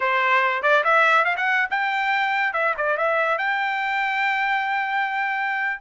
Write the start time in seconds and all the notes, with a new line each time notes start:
0.00 C5
0.62 D5
0.84 E5
1.25 F5
1.37 F#5
1.70 G5
2.53 E5
2.77 D5
2.97 E5
3.38 G5